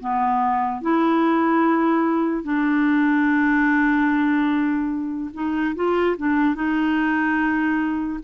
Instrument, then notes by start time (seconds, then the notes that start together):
clarinet
0.00 B3
0.82 E4
2.44 D4
5.34 D#4
5.76 F4
6.18 D4
6.55 D#4